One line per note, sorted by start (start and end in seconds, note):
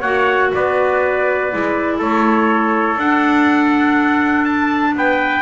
0.00 0.51 A#3
0.00 1.51 F#4
0.00 0.49 C#5
0.00 0.51 F#5
0.54 1.53 B3
0.54 1.98 B4
0.54 2.01 D5
1.51 2.00 G#3
1.51 2.99 E4
1.98 2.97 A3
1.98 4.93 A4
1.98 2.99 C#5
2.97 4.94 D4
2.97 5.42 D4
2.97 4.45 F#5
4.45 4.94 A5
4.95 5.42 B3
4.95 5.42 B4
4.95 5.42 G5